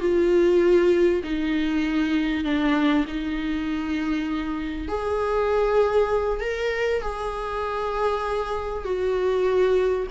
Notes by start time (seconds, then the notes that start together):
0.00 F4
1.24 D#4
2.45 D4
3.08 D#4
4.89 G#4
6.41 A#4
7.02 G#4
8.85 F#4